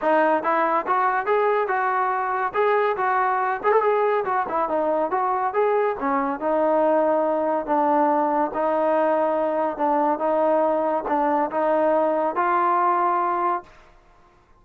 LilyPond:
\new Staff \with { instrumentName = "trombone" } { \time 4/4 \tempo 4 = 141 dis'4 e'4 fis'4 gis'4 | fis'2 gis'4 fis'4~ | fis'8 gis'16 a'16 gis'4 fis'8 e'8 dis'4 | fis'4 gis'4 cis'4 dis'4~ |
dis'2 d'2 | dis'2. d'4 | dis'2 d'4 dis'4~ | dis'4 f'2. | }